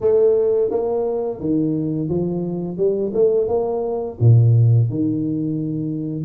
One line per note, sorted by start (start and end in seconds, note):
0.01 0.70 A3
0.70 1.40 A#3
1.40 2.08 D#3
2.08 2.77 F3
2.77 3.12 G3
3.14 3.48 A3
3.48 4.17 A#3
4.20 4.89 A#2
4.89 6.24 D#3